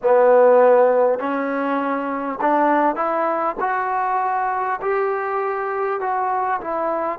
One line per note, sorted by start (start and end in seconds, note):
0.02 1.19 B3
1.19 2.39 C#4
2.41 2.95 D4
2.95 3.55 E4
3.59 4.79 F#4
4.81 6.00 G4
6.00 6.60 F#4
6.61 7.18 E4